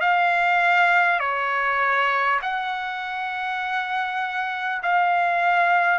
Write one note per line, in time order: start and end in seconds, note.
0.00 1.19 F5
1.19 2.39 C#5
2.42 4.82 F#5
4.82 5.99 F5